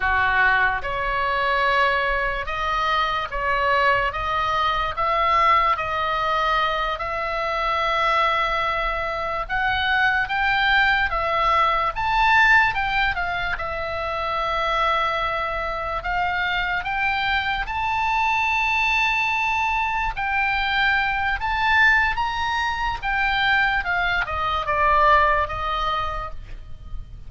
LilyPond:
\new Staff \with { instrumentName = "oboe" } { \time 4/4 \tempo 4 = 73 fis'4 cis''2 dis''4 | cis''4 dis''4 e''4 dis''4~ | dis''8 e''2. fis''8~ | fis''8 g''4 e''4 a''4 g''8 |
f''8 e''2. f''8~ | f''8 g''4 a''2~ a''8~ | a''8 g''4. a''4 ais''4 | g''4 f''8 dis''8 d''4 dis''4 | }